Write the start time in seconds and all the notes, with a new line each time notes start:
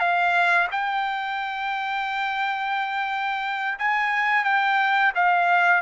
0.00 F5
0.72 G5
3.79 G#5
4.44 G5
5.15 F5